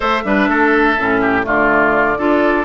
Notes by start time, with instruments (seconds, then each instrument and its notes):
0.00 bassoon A3, clarinet A4, oboe C5, flute E5
0.24 bassoon G3, clarinet D4, oboe B4
0.49 bassoon A3, oboe A4
0.98 bassoon A2, clarinet C#4
1.21 oboe G4
1.42 bassoon D3, clarinet A3, oboe F4, flute D5
2.17 bassoon D4, clarinet F4, oboe A4